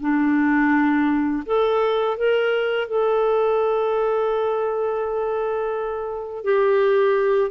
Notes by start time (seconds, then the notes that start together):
0.00 D4
1.46 A4
2.17 A#4
2.88 A4
6.44 G4